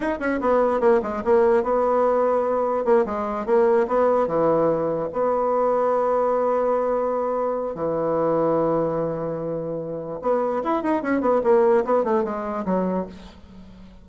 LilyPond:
\new Staff \with { instrumentName = "bassoon" } { \time 4/4 \tempo 4 = 147 dis'8 cis'8 b4 ais8 gis8 ais4 | b2. ais8 gis8~ | gis8 ais4 b4 e4.~ | e8 b2.~ b8~ |
b2. e4~ | e1~ | e4 b4 e'8 dis'8 cis'8 b8 | ais4 b8 a8 gis4 fis4 | }